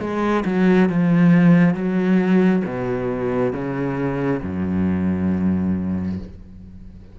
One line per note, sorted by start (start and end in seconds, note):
0.00 0.44 G#3
0.45 0.89 F#3
0.89 1.75 F3
1.75 2.63 F#3
2.65 3.53 B2
3.53 4.41 C#3
4.43 6.20 F#2